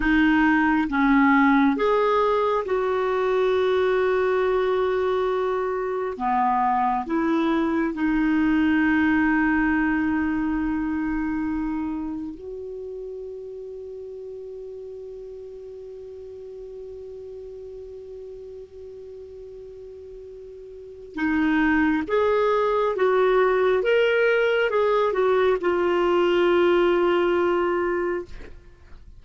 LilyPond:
\new Staff \with { instrumentName = "clarinet" } { \time 4/4 \tempo 4 = 68 dis'4 cis'4 gis'4 fis'4~ | fis'2. b4 | e'4 dis'2.~ | dis'2 fis'2~ |
fis'1~ | fis'1 | dis'4 gis'4 fis'4 ais'4 | gis'8 fis'8 f'2. | }